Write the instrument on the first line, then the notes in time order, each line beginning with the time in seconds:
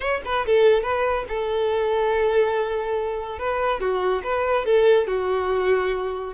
violin
0.00 C#5
0.25 B4
0.46 A4
0.83 B4
1.28 A4
3.38 B4
3.80 F#4
4.23 B4
4.65 A4
5.07 F#4